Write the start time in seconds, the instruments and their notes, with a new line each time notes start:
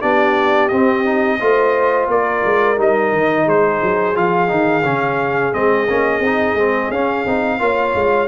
0.00 tuba B3, trombone D4, horn G4, trumpet D5
0.68 tuba C4, trombone C4, trumpet D#5
1.04 trombone D#4
1.40 tuba A3, trombone F4, horn C5
2.08 tuba A#3, horn A#4, trumpet D5
2.44 tuba G#3
2.77 tuba G3, trombone D#4, trumpet D#5
3.12 tuba D#3
3.45 tuba G#3, horn G#4, trumpet C5
3.82 tuba F#3
4.14 tuba F3, trombone F4, trumpet F5
4.48 tuba D#3, trombone D#4
4.84 tuba C#3, trombone C#4
5.52 tuba G#3, trombone C4, trumpet D#5
5.88 tuba A#3, trombone C#4
6.19 tuba C4, trombone D#4
6.54 tuba G#3, trombone C4
6.90 tuba C#4, trombone C#4, trumpet F5
7.25 tuba C4, trombone D#4
7.59 tuba A#3, trombone F4, horn C#5
7.95 tuba G#3